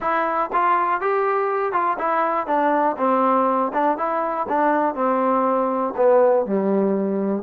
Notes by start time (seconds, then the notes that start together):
0.00 E4
0.52 F4
1.00 G4
1.72 F4
1.98 E4
2.46 D4
2.97 C4
3.73 D4
3.97 E4
4.48 D4
4.95 C4
5.96 B3
6.46 G3